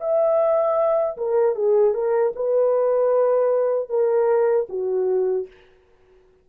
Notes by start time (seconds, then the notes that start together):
0.00 E5
1.18 A#4
1.55 G#4
1.94 A#4
2.36 B4
3.89 A#4
4.69 F#4